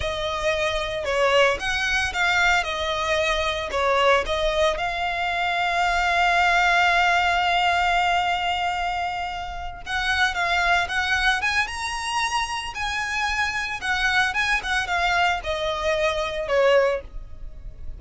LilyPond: \new Staff \with { instrumentName = "violin" } { \time 4/4 \tempo 4 = 113 dis''2 cis''4 fis''4 | f''4 dis''2 cis''4 | dis''4 f''2.~ | f''1~ |
f''2~ f''8 fis''4 f''8~ | f''8 fis''4 gis''8 ais''2 | gis''2 fis''4 gis''8 fis''8 | f''4 dis''2 cis''4 | }